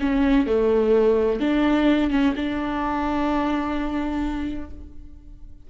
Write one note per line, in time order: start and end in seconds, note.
0.00 0.47 C#4
0.47 1.40 A3
1.40 2.10 D4
2.10 2.34 C#4
2.36 4.70 D4